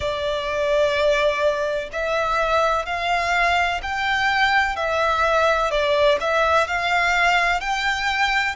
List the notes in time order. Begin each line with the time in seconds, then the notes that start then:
0.00 D5
1.92 E5
2.85 F5
3.82 G5
4.76 E5
5.71 D5
6.20 E5
6.67 F5
7.60 G5